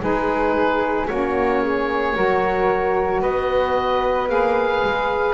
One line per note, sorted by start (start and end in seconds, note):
0.00 1.09 G#3
0.00 1.07 D#4
0.00 1.08 G#4
0.00 1.07 B4
1.07 2.16 A#3
1.07 2.15 C#4
1.07 1.62 F#4
1.07 3.21 C#5
1.62 2.16 G#4
2.15 3.22 F#3
2.15 4.28 F#4
2.15 3.21 A#4
3.21 4.29 B3
3.21 5.34 B4
3.21 4.29 D#5
4.28 4.82 A#3
4.28 5.34 G#4
4.28 5.34 F5
4.83 5.34 G#3